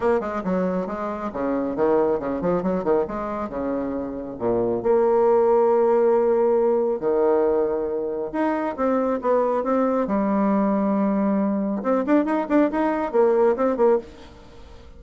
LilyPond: \new Staff \with { instrumentName = "bassoon" } { \time 4/4 \tempo 4 = 137 ais8 gis8 fis4 gis4 cis4 | dis4 cis8 f8 fis8 dis8 gis4 | cis2 ais,4 ais4~ | ais1 |
dis2. dis'4 | c'4 b4 c'4 g4~ | g2. c'8 d'8 | dis'8 d'8 dis'4 ais4 c'8 ais8 | }